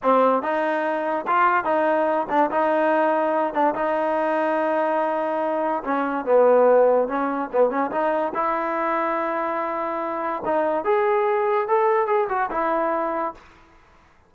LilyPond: \new Staff \with { instrumentName = "trombone" } { \time 4/4 \tempo 4 = 144 c'4 dis'2 f'4 | dis'4. d'8 dis'2~ | dis'8 d'8 dis'2.~ | dis'2 cis'4 b4~ |
b4 cis'4 b8 cis'8 dis'4 | e'1~ | e'4 dis'4 gis'2 | a'4 gis'8 fis'8 e'2 | }